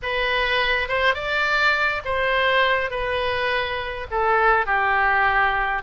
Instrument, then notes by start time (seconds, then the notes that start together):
oboe
0.02 B4
0.88 C5
1.14 D5
2.04 C5
2.90 B4
4.10 A4
4.66 G4